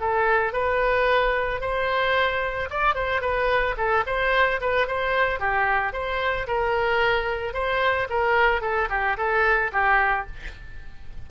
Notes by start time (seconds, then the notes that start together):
0.00 A4
0.53 B4
1.61 C5
2.70 D5
2.95 C5
3.21 B4
3.77 A4
4.06 C5
4.61 B4
4.87 C5
5.40 G4
5.93 C5
6.47 A#4
7.54 C5
8.09 A#4
8.61 A4
8.90 G4
9.17 A4
9.72 G4